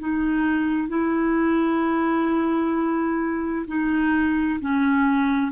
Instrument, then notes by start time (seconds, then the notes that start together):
clarinet
0.00 D#4
0.89 E4
3.68 D#4
4.61 C#4